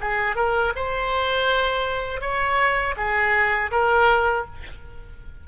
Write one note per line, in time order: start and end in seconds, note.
0.00 0.35 G#4
0.35 0.72 A#4
0.75 2.21 C5
2.21 2.94 C#5
2.96 3.70 G#4
3.71 4.45 A#4